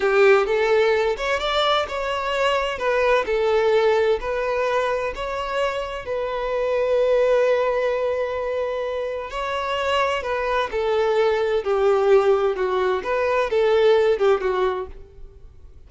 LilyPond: \new Staff \with { instrumentName = "violin" } { \time 4/4 \tempo 4 = 129 g'4 a'4. cis''8 d''4 | cis''2 b'4 a'4~ | a'4 b'2 cis''4~ | cis''4 b'2.~ |
b'1 | cis''2 b'4 a'4~ | a'4 g'2 fis'4 | b'4 a'4. g'8 fis'4 | }